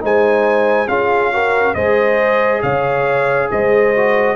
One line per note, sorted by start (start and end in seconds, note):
0.00 0.88 G#3
0.00 0.87 D#4
0.00 0.88 C5
0.00 0.88 G#5
0.88 1.75 C#4
0.88 1.32 F4
0.88 1.32 G#4
0.88 1.74 F5
1.32 1.75 F#4
1.32 1.74 A#4
1.74 2.62 G#3
1.74 3.94 G#4
1.74 2.61 C5
1.74 2.61 D#5
2.62 3.49 C#3
2.62 3.49 C#5
2.62 3.49 F5
3.51 4.36 G#3
3.51 4.36 C5
3.51 4.36 D#5
3.95 4.36 F#4